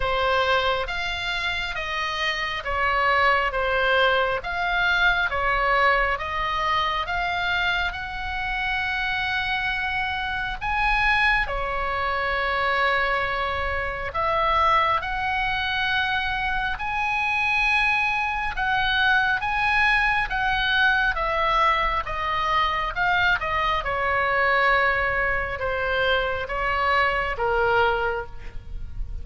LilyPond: \new Staff \with { instrumentName = "oboe" } { \time 4/4 \tempo 4 = 68 c''4 f''4 dis''4 cis''4 | c''4 f''4 cis''4 dis''4 | f''4 fis''2. | gis''4 cis''2. |
e''4 fis''2 gis''4~ | gis''4 fis''4 gis''4 fis''4 | e''4 dis''4 f''8 dis''8 cis''4~ | cis''4 c''4 cis''4 ais'4 | }